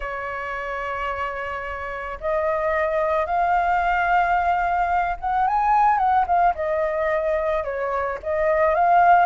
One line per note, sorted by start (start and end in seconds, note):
0.00 2.18 C#5
2.20 3.26 D#5
3.26 5.16 F5
5.20 5.47 F#5
5.47 5.98 G#5
5.98 6.25 F#5
6.27 6.54 F5
6.54 7.63 D#5
7.64 8.18 C#5
8.22 8.74 D#5
8.74 9.25 F5